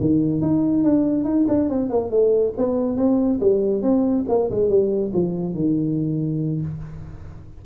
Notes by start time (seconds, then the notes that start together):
0.00 D#3
0.41 D#4
0.84 D4
1.24 D#4
1.48 D4
1.69 C4
1.90 A#3
2.10 A3
2.57 B3
2.96 C4
3.40 G3
3.82 C4
4.28 A#3
4.50 G#3
4.69 G3
5.13 F3
5.54 D#3